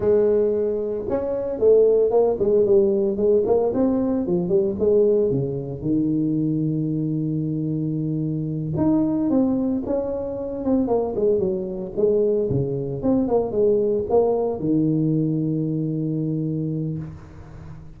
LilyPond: \new Staff \with { instrumentName = "tuba" } { \time 4/4 \tempo 4 = 113 gis2 cis'4 a4 | ais8 gis8 g4 gis8 ais8 c'4 | f8 g8 gis4 cis4 dis4~ | dis1~ |
dis8 dis'4 c'4 cis'4. | c'8 ais8 gis8 fis4 gis4 cis8~ | cis8 c'8 ais8 gis4 ais4 dis8~ | dis1 | }